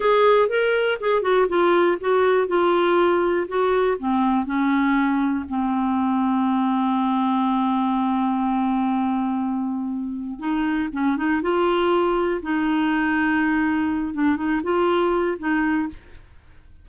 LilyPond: \new Staff \with { instrumentName = "clarinet" } { \time 4/4 \tempo 4 = 121 gis'4 ais'4 gis'8 fis'8 f'4 | fis'4 f'2 fis'4 | c'4 cis'2 c'4~ | c'1~ |
c'1~ | c'4 dis'4 cis'8 dis'8 f'4~ | f'4 dis'2.~ | dis'8 d'8 dis'8 f'4. dis'4 | }